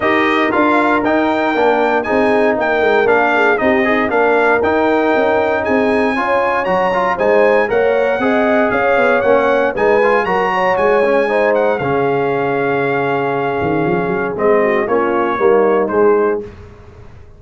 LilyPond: <<
  \new Staff \with { instrumentName = "trumpet" } { \time 4/4 \tempo 4 = 117 dis''4 f''4 g''2 | gis''4 g''4 f''4 dis''4 | f''4 g''2 gis''4~ | gis''4 ais''4 gis''4 fis''4~ |
fis''4 f''4 fis''4 gis''4 | ais''4 gis''4. fis''8 f''4~ | f''1 | dis''4 cis''2 c''4 | }
  \new Staff \with { instrumentName = "horn" } { \time 4/4 ais'1 | gis'4 ais'4. gis'8 g'8 dis'8 | ais'2. gis'4 | cis''2 c''4 cis''4 |
dis''4 cis''2 b'4 | ais'8 cis''4. c''4 gis'4~ | gis'1~ | gis'8 fis'8 f'4 dis'2 | }
  \new Staff \with { instrumentName = "trombone" } { \time 4/4 g'4 f'4 dis'4 d'4 | dis'2 d'4 dis'8 gis'8 | d'4 dis'2. | f'4 fis'8 f'8 dis'4 ais'4 |
gis'2 cis'4 dis'8 f'8 | fis'4. cis'8 dis'4 cis'4~ | cis'1 | c'4 cis'4 ais4 gis4 | }
  \new Staff \with { instrumentName = "tuba" } { \time 4/4 dis'4 d'4 dis'4 ais4 | c'4 ais8 gis8 ais4 c'4 | ais4 dis'4 cis'4 c'4 | cis'4 fis4 gis4 ais4 |
c'4 cis'8 b8 ais4 gis4 | fis4 gis2 cis4~ | cis2~ cis8 dis8 f8 fis8 | gis4 ais4 g4 gis4 | }
>>